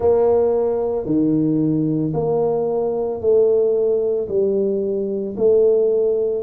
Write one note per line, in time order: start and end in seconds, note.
0.00 1.05 A#3
1.05 2.12 D#3
2.13 3.20 A#3
3.20 4.28 A3
4.28 5.35 G3
5.36 6.43 A3